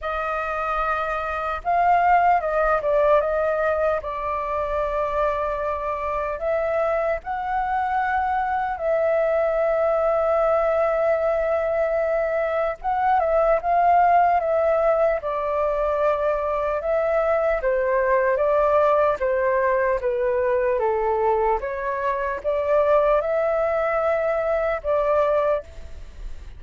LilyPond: \new Staff \with { instrumentName = "flute" } { \time 4/4 \tempo 4 = 75 dis''2 f''4 dis''8 d''8 | dis''4 d''2. | e''4 fis''2 e''4~ | e''1 |
fis''8 e''8 f''4 e''4 d''4~ | d''4 e''4 c''4 d''4 | c''4 b'4 a'4 cis''4 | d''4 e''2 d''4 | }